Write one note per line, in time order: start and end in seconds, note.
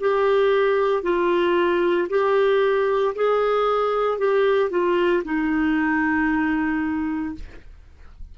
0.00 1.02 G4
1.02 2.08 F4
2.09 3.14 G4
3.15 4.18 G#4
4.18 4.70 G4
4.70 5.22 F4
5.24 7.34 D#4